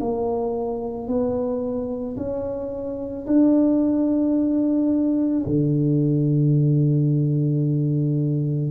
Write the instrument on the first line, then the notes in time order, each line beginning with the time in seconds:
tuba
0.00 A#3
1.07 B3
2.17 C#4
3.27 D4
5.46 D3